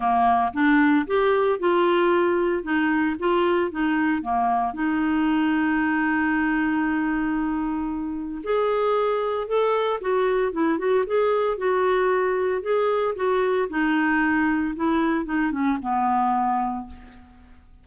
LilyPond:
\new Staff \with { instrumentName = "clarinet" } { \time 4/4 \tempo 4 = 114 ais4 d'4 g'4 f'4~ | f'4 dis'4 f'4 dis'4 | ais4 dis'2.~ | dis'1 |
gis'2 a'4 fis'4 | e'8 fis'8 gis'4 fis'2 | gis'4 fis'4 dis'2 | e'4 dis'8 cis'8 b2 | }